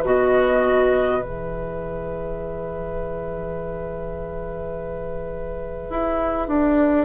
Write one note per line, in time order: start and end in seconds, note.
0.00 1.22 B2
0.00 1.19 F#4
0.00 7.05 B4
0.00 1.23 D#5
1.19 5.90 E3
1.19 7.05 G#4
1.19 7.05 E5
5.90 6.48 E4
6.48 7.05 D4